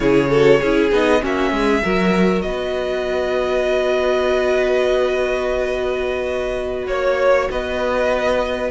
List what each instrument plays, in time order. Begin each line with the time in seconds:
0.00 cello C#3, viola E4, violin G#4 C#5
0.29 viola F#4, violin A4
0.59 cello C#4, viola E4, violin G#4
0.91 cello B3, viola D#4, violin D#5
1.20 cello A#3, viola C#4, violin F#4 E5
1.51 cello G#3, violin G#4
1.83 cello F#3, viola F#4, violin A#4
2.41 cello B3, violin D#5
2.47 violin B4
6.87 cello A#3, violin C#5
7.51 cello B3, violin B4 D#5